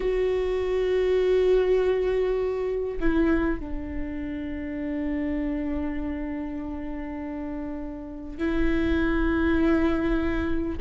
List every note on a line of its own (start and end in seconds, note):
0.00 2.98 F#4
2.99 3.59 E4
3.59 8.38 D4
8.38 10.78 E4